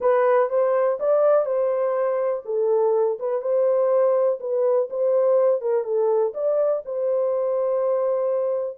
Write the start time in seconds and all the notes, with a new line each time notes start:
0.00 B4
0.49 C5
0.99 D5
1.45 C5
2.45 A4
3.19 B4
3.41 C5
4.39 B4
4.90 C5
5.61 A#4
5.84 A4
6.33 D5
6.85 C5